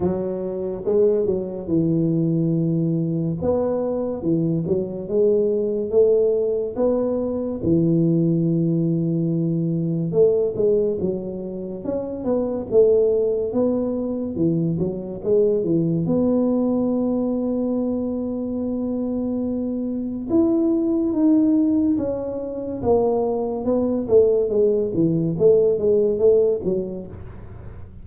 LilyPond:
\new Staff \with { instrumentName = "tuba" } { \time 4/4 \tempo 4 = 71 fis4 gis8 fis8 e2 | b4 e8 fis8 gis4 a4 | b4 e2. | a8 gis8 fis4 cis'8 b8 a4 |
b4 e8 fis8 gis8 e8 b4~ | b1 | e'4 dis'4 cis'4 ais4 | b8 a8 gis8 e8 a8 gis8 a8 fis8 | }